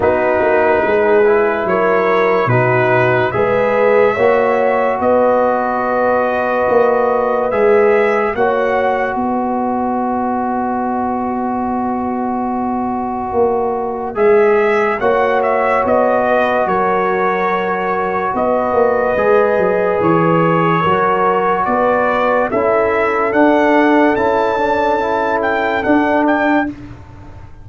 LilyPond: <<
  \new Staff \with { instrumentName = "trumpet" } { \time 4/4 \tempo 4 = 72 b'2 cis''4 b'4 | e''2 dis''2~ | dis''4 e''4 fis''4 dis''4~ | dis''1~ |
dis''4 e''4 fis''8 e''8 dis''4 | cis''2 dis''2 | cis''2 d''4 e''4 | fis''4 a''4. g''8 fis''8 g''8 | }
  \new Staff \with { instrumentName = "horn" } { \time 4/4 fis'4 gis'4 ais'4 fis'4 | b'4 cis''4 b'2~ | b'2 cis''4 b'4~ | b'1~ |
b'2 cis''4. b'8 | ais'2 b'2~ | b'4 ais'4 b'4 a'4~ | a'1 | }
  \new Staff \with { instrumentName = "trombone" } { \time 4/4 dis'4. e'4. dis'4 | gis'4 fis'2.~ | fis'4 gis'4 fis'2~ | fis'1~ |
fis'4 gis'4 fis'2~ | fis'2. gis'4~ | gis'4 fis'2 e'4 | d'4 e'8 d'8 e'4 d'4 | }
  \new Staff \with { instrumentName = "tuba" } { \time 4/4 b8 ais8 gis4 fis4 b,4 | gis4 ais4 b2 | ais4 gis4 ais4 b4~ | b1 |
ais4 gis4 ais4 b4 | fis2 b8 ais8 gis8 fis8 | e4 fis4 b4 cis'4 | d'4 cis'2 d'4 | }
>>